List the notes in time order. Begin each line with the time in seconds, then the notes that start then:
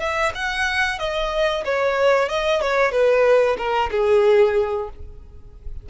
0.00 E5
0.35 F#5
0.99 D#5
1.65 C#5
2.29 D#5
2.61 C#5
2.92 B4
3.58 A#4
3.91 G#4